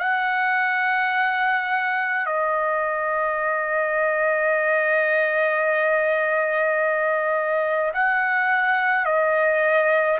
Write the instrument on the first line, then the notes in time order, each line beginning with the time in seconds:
trumpet
0.00 F#5
2.26 D#5
7.94 F#5
9.06 D#5